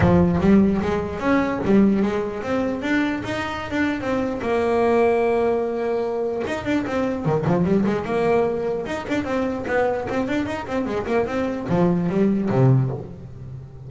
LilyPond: \new Staff \with { instrumentName = "double bass" } { \time 4/4 \tempo 4 = 149 f4 g4 gis4 cis'4 | g4 gis4 c'4 d'4 | dis'4~ dis'16 d'8. c'4 ais4~ | ais1 |
dis'8 d'8 c'4 dis8 f8 g8 gis8 | ais2 dis'8 d'8 c'4 | b4 c'8 d'8 dis'8 c'8 gis8 ais8 | c'4 f4 g4 c4 | }